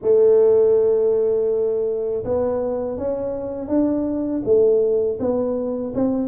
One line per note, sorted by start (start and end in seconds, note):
0.02 2.24 A3
2.24 2.97 B3
2.97 3.68 C#4
3.68 4.42 D4
4.44 5.19 A3
5.19 5.93 B3
5.94 6.28 C4